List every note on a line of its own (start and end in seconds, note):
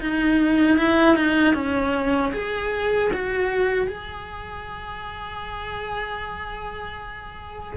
0.00 0.78 D#4
0.78 1.16 E4
1.16 1.54 D#4
1.54 2.32 C#4
2.33 3.11 G#4
3.13 3.87 F#4
3.87 7.77 G#4